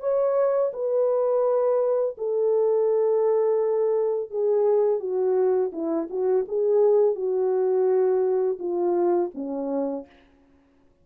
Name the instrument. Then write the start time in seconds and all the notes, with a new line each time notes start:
horn
0.00 C#5
0.73 B4
2.18 A4
4.31 G#4
4.99 F#4
5.72 E4
6.10 F#4
6.48 G#4
7.15 F#4
8.59 F4
9.34 C#4